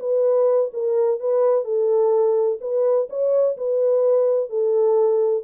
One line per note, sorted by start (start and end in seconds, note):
0.00 0.71 B4
0.73 1.20 A#4
1.20 1.65 B4
1.65 2.59 A4
2.61 3.09 B4
3.10 3.57 C#5
3.58 4.50 B4
4.50 5.44 A4